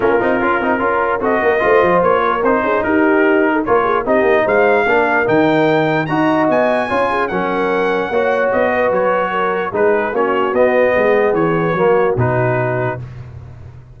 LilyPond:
<<
  \new Staff \with { instrumentName = "trumpet" } { \time 4/4 \tempo 4 = 148 ais'2. dis''4~ | dis''4 cis''4 c''4 ais'4~ | ais'4 cis''4 dis''4 f''4~ | f''4 g''2 ais''4 |
gis''2 fis''2~ | fis''4 dis''4 cis''2 | b'4 cis''4 dis''2 | cis''2 b'2 | }
  \new Staff \with { instrumentName = "horn" } { \time 4/4 f'2 ais'4 a'8 ais'8 | c''4. ais'4 gis'8 g'4~ | g'8. a'16 ais'8 gis'8 g'4 c''4 | ais'2. dis''4~ |
dis''4 cis''8 gis'8 ais'2 | cis''4. b'4. ais'4 | gis'4 fis'2 gis'4~ | gis'4 fis'2. | }
  \new Staff \with { instrumentName = "trombone" } { \time 4/4 cis'8 dis'8 f'8 dis'8 f'4 fis'4 | f'2 dis'2~ | dis'4 f'4 dis'2 | d'4 dis'2 fis'4~ |
fis'4 f'4 cis'2 | fis'1 | dis'4 cis'4 b2~ | b4 ais4 dis'2 | }
  \new Staff \with { instrumentName = "tuba" } { \time 4/4 ais8 c'8 cis'8 c'8 cis'4 c'8 ais8 | a8 f8 ais4 c'8 cis'8 dis'4~ | dis'4 ais4 c'8 ais8 gis4 | ais4 dis2 dis'4 |
b4 cis'4 fis2 | ais4 b4 fis2 | gis4 ais4 b4 gis4 | e4 fis4 b,2 | }
>>